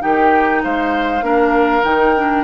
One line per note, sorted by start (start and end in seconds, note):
0.00 0.64 D#3
0.00 1.21 D#4
0.00 0.62 G4
0.00 0.62 G5
0.64 1.22 G#3
0.64 1.24 C5
0.64 1.84 F5
1.22 1.82 A#3
1.22 1.83 D4
1.22 2.44 A#4
1.84 2.44 D#3
1.84 2.14 D#4
1.84 2.44 G5
2.17 2.44 D4